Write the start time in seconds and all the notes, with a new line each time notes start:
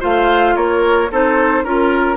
0.00 A3 F4 C5 F5
0.56 A#3 A#4 C#5
1.11 C4 D#4 A4 C5
1.64 C#4 F4 A#4